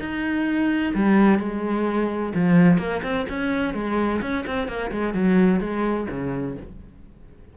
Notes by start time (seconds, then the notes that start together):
0.00 D#4
0.95 G3
1.40 G#3
2.35 F3
2.78 A#3
3.03 C4
3.29 C#4
3.74 G#3
4.22 C#4
4.47 C4
4.68 A#3
4.92 G#3
5.14 F#3
5.61 G#3
6.10 C#3